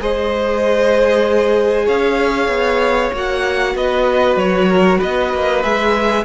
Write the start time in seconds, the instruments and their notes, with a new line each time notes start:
0.00 cello G#3, viola G#4, violin C5 D#5
1.86 cello C#4, violin C#5 F5
2.48 cello B3
3.13 cello A#3, viola F#4, violin F#5
3.75 cello B3, violin B4 D#5
4.36 cello F#3, violin C#5
4.68 violin A#4
4.98 cello B3, violin B4 D#5
5.34 cello A#3
5.63 cello G#3, viola G#4, violin E5